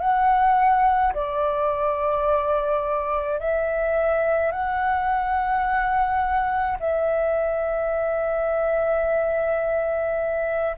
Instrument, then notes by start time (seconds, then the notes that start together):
flute
0.00 F#5
1.14 D5
3.40 E5
4.51 F#5
6.80 E5